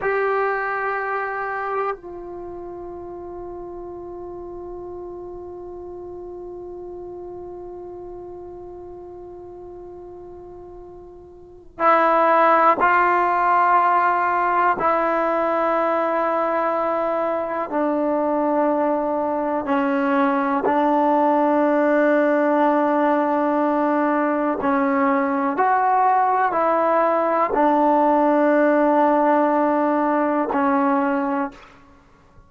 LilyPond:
\new Staff \with { instrumentName = "trombone" } { \time 4/4 \tempo 4 = 61 g'2 f'2~ | f'1~ | f'1 | e'4 f'2 e'4~ |
e'2 d'2 | cis'4 d'2.~ | d'4 cis'4 fis'4 e'4 | d'2. cis'4 | }